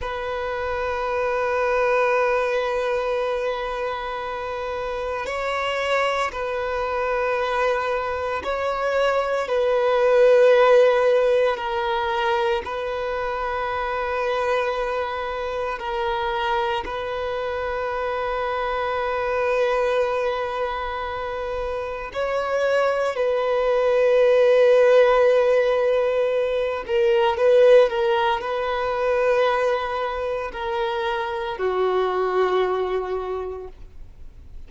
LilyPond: \new Staff \with { instrumentName = "violin" } { \time 4/4 \tempo 4 = 57 b'1~ | b'4 cis''4 b'2 | cis''4 b'2 ais'4 | b'2. ais'4 |
b'1~ | b'4 cis''4 b'2~ | b'4. ais'8 b'8 ais'8 b'4~ | b'4 ais'4 fis'2 | }